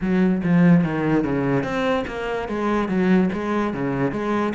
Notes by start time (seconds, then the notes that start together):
0.00 F#3
0.43 F3
0.84 D#3
1.24 C#3
1.63 C4
2.07 A#3
2.48 G#3
2.88 F#3
3.32 G#3
3.73 C#3
4.11 G#3